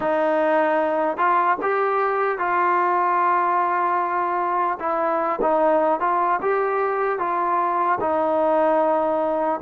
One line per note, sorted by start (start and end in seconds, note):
0.00 1.17 D#4
1.17 1.57 F4
1.61 2.38 G4
2.38 4.78 F4
4.79 5.39 E4
5.41 6.00 D#4
6.00 6.40 F4
6.41 7.18 G4
7.18 7.98 F4
8.00 9.60 D#4